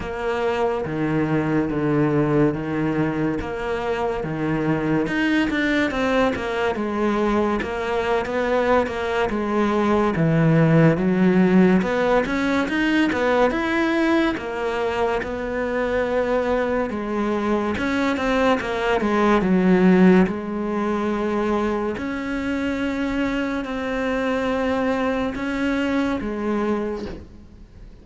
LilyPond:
\new Staff \with { instrumentName = "cello" } { \time 4/4 \tempo 4 = 71 ais4 dis4 d4 dis4 | ais4 dis4 dis'8 d'8 c'8 ais8 | gis4 ais8. b8. ais8 gis4 | e4 fis4 b8 cis'8 dis'8 b8 |
e'4 ais4 b2 | gis4 cis'8 c'8 ais8 gis8 fis4 | gis2 cis'2 | c'2 cis'4 gis4 | }